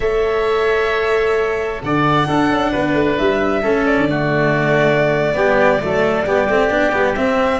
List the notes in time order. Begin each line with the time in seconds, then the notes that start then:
0.00 A3 A4 C#5 E5
1.82 D3 D5 F#5
2.25 D4 A4
2.49 C#4
2.71 B3 B4
2.93 A3
3.18 G3 E5
3.62 A3 C#4 A4
3.86 D5
3.97 D3
4.09 A3 F#4
5.33 G3 B3 G4
5.80 F#3 A3 A4
6.26 G3 B3 G4
6.48 A3 C4
6.69 B3 D4
6.91 G3 B3
7.15 C4 E5